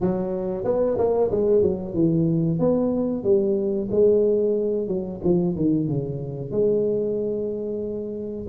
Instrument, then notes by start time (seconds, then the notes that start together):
tuba
0.00 F#3
0.64 B3
0.98 A#3
1.31 G#3
1.62 F#3
1.94 E3
2.59 B3
3.23 G3
3.91 G#3
4.87 F#3
5.23 F3
5.55 D#3
5.88 C#3
6.51 G#3